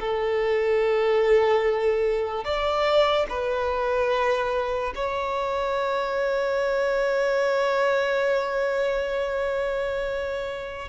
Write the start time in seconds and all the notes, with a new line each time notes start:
0.00 A4
2.44 D5
3.30 B4
4.95 C#5